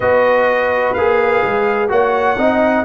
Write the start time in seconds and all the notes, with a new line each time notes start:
0.00 B3 F#4 B4 D#5
0.93 A#3 G#4 F5
1.44 G#3
1.88 A#3 F#4 C#5 F#5
2.37 C4 D#4 D#5